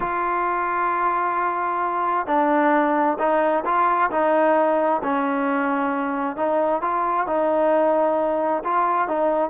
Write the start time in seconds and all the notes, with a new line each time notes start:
0.00 F4
2.26 D4
3.18 D#4
3.65 F4
4.10 D#4
5.03 C#4
6.36 D#4
6.81 F4
7.26 D#4
8.64 F4
9.08 D#4